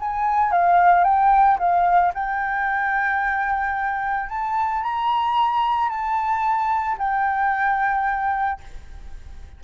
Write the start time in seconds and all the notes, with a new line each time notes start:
0.00 G#5
0.52 F5
1.04 G5
1.58 F5
2.14 G5
4.29 A5
4.83 A#5
5.89 A5
6.98 G5